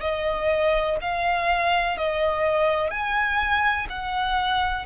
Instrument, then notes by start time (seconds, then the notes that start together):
violin
0.00 D#5
1.01 F5
1.98 D#5
2.90 G#5
3.89 F#5